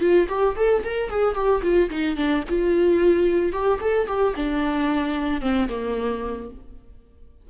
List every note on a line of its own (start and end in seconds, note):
0.00 0.27 F4
0.29 0.56 G4
0.56 0.83 A4
0.84 1.10 A#4
1.10 1.35 G#4
1.35 1.62 G4
1.62 1.89 F4
1.90 2.16 D#4
2.16 2.43 D4
2.49 3.52 F4
3.52 3.79 G4
3.81 4.07 A4
4.07 4.34 G4
4.36 5.41 D4
5.41 5.68 C4
5.69 6.50 A#3